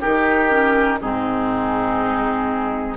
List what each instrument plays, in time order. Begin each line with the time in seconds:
0.00 bassoon D#3, clarinet D#4, oboe G4, flute A#4
0.50 clarinet C#4
1.01 bassoon G#2, clarinet C4, oboe D#4, flute G#4